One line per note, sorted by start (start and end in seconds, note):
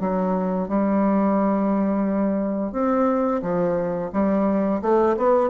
0.00 0.68 F#3
0.68 2.72 G3
2.72 3.41 C4
3.42 4.11 F3
4.13 4.82 G3
4.82 5.16 A3
5.17 5.50 B3